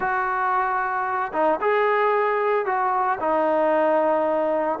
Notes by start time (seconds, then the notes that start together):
0.00 F#4
1.33 D#4
1.60 G#4
2.65 F#4
3.20 D#4